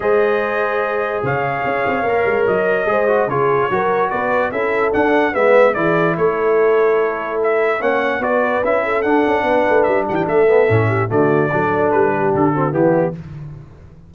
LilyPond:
<<
  \new Staff \with { instrumentName = "trumpet" } { \time 4/4 \tempo 4 = 146 dis''2. f''4~ | f''2 dis''2 | cis''2 d''4 e''4 | fis''4 e''4 d''4 cis''4~ |
cis''2 e''4 fis''4 | d''4 e''4 fis''2 | e''8 fis''16 g''16 e''2 d''4~ | d''4 b'4 a'4 g'4 | }
  \new Staff \with { instrumentName = "horn" } { \time 4/4 c''2. cis''4~ | cis''2. c''4 | gis'4 ais'4 b'4 a'4~ | a'4 b'4 gis'4 a'4~ |
a'2. cis''4 | b'4. a'4. b'4~ | b'8 g'8 a'4. g'8 fis'4 | a'4. g'4 fis'8 e'4 | }
  \new Staff \with { instrumentName = "trombone" } { \time 4/4 gis'1~ | gis'4 ais'2 gis'8 fis'8 | f'4 fis'2 e'4 | d'4 b4 e'2~ |
e'2. cis'4 | fis'4 e'4 d'2~ | d'4. b8 cis'4 a4 | d'2~ d'8 c'8 b4 | }
  \new Staff \with { instrumentName = "tuba" } { \time 4/4 gis2. cis4 | cis'8 c'8 ais8 gis8 fis4 gis4 | cis4 fis4 b4 cis'4 | d'4 gis4 e4 a4~ |
a2. ais4 | b4 cis'4 d'8 cis'8 b8 a8 | g8 e8 a4 a,4 d4 | fis4 g4 d4 e4 | }
>>